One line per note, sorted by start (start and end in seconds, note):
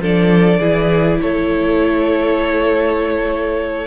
0.00 0.59 F3
0.00 0.61 D4
0.00 0.60 A4
0.00 1.22 D5
0.60 1.20 E3
0.60 3.87 E4
0.60 1.19 G#4
1.22 3.87 A3
1.22 3.87 A4
1.22 3.87 C#5